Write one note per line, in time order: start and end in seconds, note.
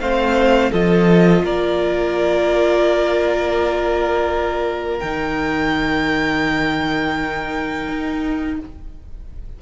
0.00 0.71 A3
0.00 0.72 C4
0.00 0.71 C5
0.00 0.72 F5
0.71 1.43 F3
0.71 5.01 F4
0.71 1.42 A4
0.71 1.44 D#5
1.43 5.00 A#3
1.43 8.58 A#4
1.43 4.99 D5
4.99 7.88 D#3
4.99 8.62 D#4
4.99 8.56 G5
7.88 8.59 D#4